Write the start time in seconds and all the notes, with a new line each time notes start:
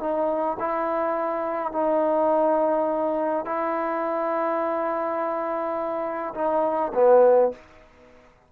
0.00 D#4
0.60 E4
1.73 D#4
3.46 E4
6.35 D#4
6.95 B3